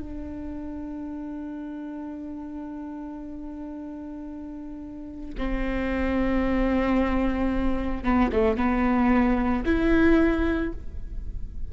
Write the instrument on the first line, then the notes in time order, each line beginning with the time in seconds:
viola
0.00 D4
5.38 C4
8.04 B3
8.33 A3
8.57 B3
9.66 E4